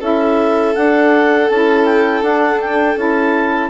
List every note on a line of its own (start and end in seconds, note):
0.00 0.75 C#4
0.00 0.73 E4
0.00 3.70 A4
0.00 0.74 E5
0.73 1.48 D4
0.73 1.50 D4
0.73 1.48 F#5
1.49 2.22 C#4
1.49 2.23 E4
1.49 1.85 A5
1.85 2.22 G5
2.22 2.96 D4
2.22 2.60 F#5
2.60 2.97 G5
2.96 3.70 C#4
2.96 3.70 E4
2.96 3.70 A5